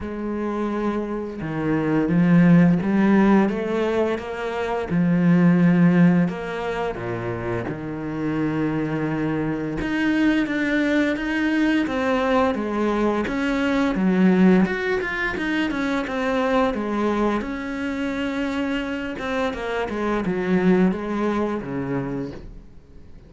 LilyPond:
\new Staff \with { instrumentName = "cello" } { \time 4/4 \tempo 4 = 86 gis2 dis4 f4 | g4 a4 ais4 f4~ | f4 ais4 ais,4 dis4~ | dis2 dis'4 d'4 |
dis'4 c'4 gis4 cis'4 | fis4 fis'8 f'8 dis'8 cis'8 c'4 | gis4 cis'2~ cis'8 c'8 | ais8 gis8 fis4 gis4 cis4 | }